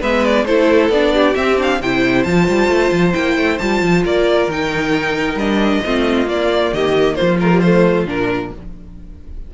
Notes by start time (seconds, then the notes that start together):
0.00 G#3 B3 B4 E5
0.25 D5
0.44 A3 E4 A4 C5
0.89 B3 D4 D5
1.14 G4
1.34 C4 E5
1.58 D4 F5
1.80 C3 E4 C5 G5
2.23 F3 F4 A5
2.48 G3
2.68 A3
2.91 F3
3.13 A#3 E4 G5
3.37 A3
3.58 G3 F4 A5
3.81 F3
4.04 A#3 A#4 D5
4.47 D#3 D#4 G5
5.34 G3 D4 D#5
5.85 A3 C4 F4
6.26 A#3 D5
6.72 D#3 G4 D#5
7.15 F4 C5
7.21 F3
7.40 A3 A#4
7.52 G3
7.60 A3 C5
8.05 A#2 D4 A#4